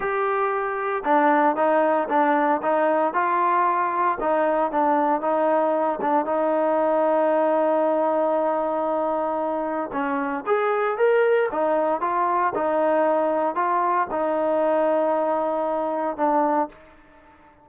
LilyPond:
\new Staff \with { instrumentName = "trombone" } { \time 4/4 \tempo 4 = 115 g'2 d'4 dis'4 | d'4 dis'4 f'2 | dis'4 d'4 dis'4. d'8 | dis'1~ |
dis'2. cis'4 | gis'4 ais'4 dis'4 f'4 | dis'2 f'4 dis'4~ | dis'2. d'4 | }